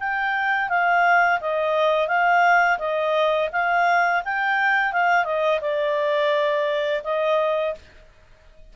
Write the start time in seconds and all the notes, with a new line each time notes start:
0.00 G5
0.69 F5
1.41 D#5
2.08 F5
2.79 D#5
3.52 F5
4.25 G5
4.93 F5
5.25 D#5
5.61 D5
7.04 D#5